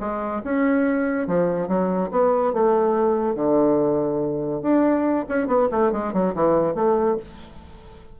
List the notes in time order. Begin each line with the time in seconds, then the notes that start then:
0.00 G#3
0.44 C#4
1.27 F3
1.68 F#3
2.11 B3
2.53 A3
3.35 D3
4.62 D4
5.29 C#4
5.47 B3
5.71 A3
5.92 G#3
6.13 F#3
6.35 E3
6.75 A3